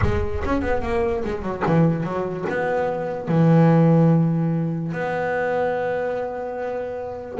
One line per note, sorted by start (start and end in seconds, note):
0.01 0.42 G#3
0.44 0.61 C#4
0.61 0.82 B3
0.82 1.23 A#3
1.24 1.42 G#3
1.42 1.62 F#3
1.66 2.03 E3
2.03 2.44 F#3
2.49 3.28 B3
3.28 4.92 E3
4.92 7.38 B3